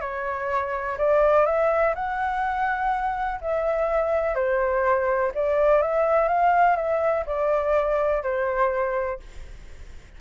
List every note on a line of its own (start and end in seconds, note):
0.00 0.97 C#5
0.97 1.46 D5
1.46 1.94 E5
1.95 3.40 F#5
3.40 4.34 E5
4.34 5.31 C5
5.34 5.81 D5
5.81 6.28 E5
6.28 6.76 F5
6.76 7.24 E5
7.26 8.23 D5
8.23 9.19 C5